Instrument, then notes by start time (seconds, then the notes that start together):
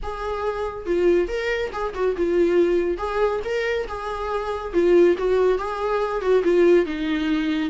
viola
0.02 G#4
0.86 F4
1.28 A#4
1.72 G#4
1.94 F#4
2.16 F4
2.97 G#4
3.44 A#4
3.88 G#4
4.73 F4
5.17 F#4
5.58 G#4
6.21 F#4
6.43 F4
6.85 D#4